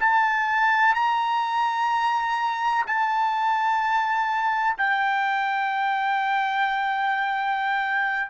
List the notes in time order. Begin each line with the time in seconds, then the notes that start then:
0.00 A5
0.95 A#5
2.86 A5
4.77 G5